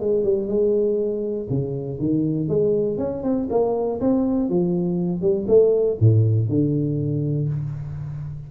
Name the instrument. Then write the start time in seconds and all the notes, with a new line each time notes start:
tuba
0.00 G#3
0.24 G3
0.47 G#3
1.50 C#3
1.99 D#3
2.49 G#3
2.98 C#4
3.24 C4
3.51 A#3
4.01 C4
4.50 F3
5.22 G3
5.48 A3
6.00 A2
6.49 D3